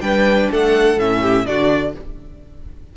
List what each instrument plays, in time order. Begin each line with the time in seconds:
0.00 cello G3, viola D4, violin B4 G5
0.50 cello A3, violin A4 F#5
0.97 cello A2, viola C#4, violin E5
1.20 violin G4
1.45 cello D3, viola D4, violin F#4 D5